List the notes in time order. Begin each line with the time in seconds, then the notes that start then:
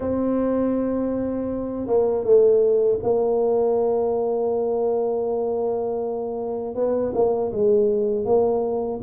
0.00 C4
1.86 A#3
2.23 A3
3.02 A#3
6.75 B3
7.14 A#3
7.52 G#3
8.25 A#3